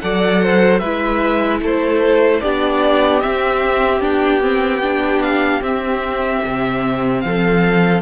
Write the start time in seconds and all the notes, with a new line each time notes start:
0.00 F#3 A4 D5 F#5
0.43 C5
0.79 G#3 E4 B4 E5
1.62 A3 A4 C5
2.41 B3 D4 G4 D5
3.21 C4 E5
4.00 B3 D4 G5
4.41 C4
4.82 D4
5.22 F5
5.61 C4 E5
6.45 C3
7.21 F3 A4 F5